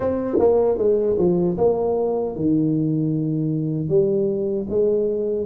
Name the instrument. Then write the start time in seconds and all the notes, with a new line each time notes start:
tuba
0.00 C4
0.39 A#3
0.78 G#3
1.18 F3
1.57 A#3
2.35 D#3
3.89 G3
4.69 G#3